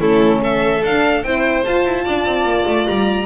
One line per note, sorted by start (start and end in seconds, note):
0.00 0.82 A3
0.00 0.82 C#4
0.00 0.41 E4
0.00 0.41 A4
0.43 1.25 A4
0.43 0.84 E5
0.83 1.23 D4
0.83 1.24 D4
0.83 1.23 F5
1.23 1.64 C4
1.23 1.65 E4
1.23 2.05 C5
1.23 1.64 G5
1.64 3.26 F4
1.64 1.85 F4
1.64 2.87 A5
1.85 2.05 E4
2.05 2.25 D4
2.05 3.26 D5
2.25 2.44 C4
2.44 2.64 A#3
2.67 2.87 A3
2.87 3.26 G3
2.87 3.26 A#5